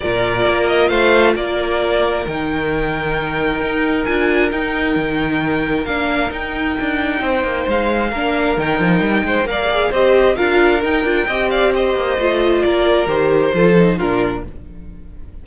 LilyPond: <<
  \new Staff \with { instrumentName = "violin" } { \time 4/4 \tempo 4 = 133 d''4. dis''8 f''4 d''4~ | d''4 g''2.~ | g''4 gis''4 g''2~ | g''4 f''4 g''2~ |
g''4 f''2 g''4~ | g''4 f''4 dis''4 f''4 | g''4. f''8 dis''2 | d''4 c''2 ais'4 | }
  \new Staff \with { instrumentName = "violin" } { \time 4/4 ais'2 c''4 ais'4~ | ais'1~ | ais'1~ | ais'1 |
c''2 ais'2~ | ais'8 c''8 d''4 c''4 ais'4~ | ais'4 dis''8 d''8 c''2 | ais'2 a'4 f'4 | }
  \new Staff \with { instrumentName = "viola" } { \time 4/4 f'1~ | f'4 dis'2.~ | dis'4 f'4 dis'2~ | dis'4 d'4 dis'2~ |
dis'2 d'4 dis'4~ | dis'4 ais'8 gis'8 g'4 f'4 | dis'8 f'8 g'2 f'4~ | f'4 g'4 f'8 dis'8 d'4 | }
  \new Staff \with { instrumentName = "cello" } { \time 4/4 ais,4 ais4 a4 ais4~ | ais4 dis2. | dis'4 d'4 dis'4 dis4~ | dis4 ais4 dis'4 d'4 |
c'8 ais8 gis4 ais4 dis8 f8 | g8 gis8 ais4 c'4 d'4 | dis'8 d'8 c'4. ais8 a4 | ais4 dis4 f4 ais,4 | }
>>